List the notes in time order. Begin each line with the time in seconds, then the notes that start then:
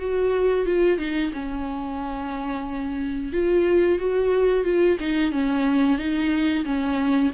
0.00 F#4
0.66 F4
0.99 D#4
1.33 C#4
3.33 F4
3.99 F#4
4.65 F4
5.00 D#4
5.32 C#4
5.98 D#4
6.65 C#4